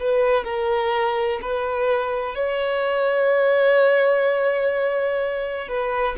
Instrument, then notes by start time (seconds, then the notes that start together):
violin
0.00 B4
0.45 A#4
1.42 B4
2.35 C#5
5.68 B4